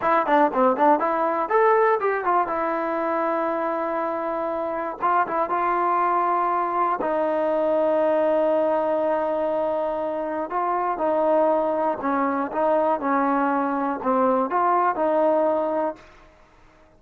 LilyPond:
\new Staff \with { instrumentName = "trombone" } { \time 4/4 \tempo 4 = 120 e'8 d'8 c'8 d'8 e'4 a'4 | g'8 f'8 e'2.~ | e'2 f'8 e'8 f'4~ | f'2 dis'2~ |
dis'1~ | dis'4 f'4 dis'2 | cis'4 dis'4 cis'2 | c'4 f'4 dis'2 | }